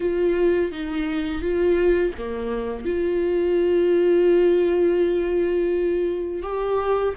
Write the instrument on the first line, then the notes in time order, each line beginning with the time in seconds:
viola
0.00 F4
0.71 D#4
1.41 F4
2.18 A#3
2.85 F4
6.42 G4